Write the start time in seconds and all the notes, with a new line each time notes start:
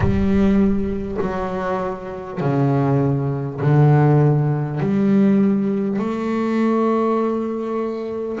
0.00 G3
1.21 F#3
2.40 C#3
3.60 D3
4.79 G3
5.98 A3